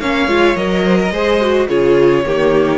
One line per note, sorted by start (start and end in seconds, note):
0.00 0.27 A#3
0.00 0.29 C#4
0.00 0.84 C#5
0.00 0.56 F5
0.27 0.55 G#3
0.27 0.56 F4
0.56 1.11 F#3
0.56 1.12 A#4
0.56 1.68 D#5
0.84 0.98 C5
1.00 1.12 A#4
1.11 1.67 G#3
1.11 1.40 G#4
1.11 1.69 C5
1.40 1.68 F#4
1.68 2.26 C#3
1.68 2.24 F4
1.68 2.25 G#4
1.68 2.78 C#5
2.26 2.78 D#3
2.26 2.78 A#3
2.26 2.78 G4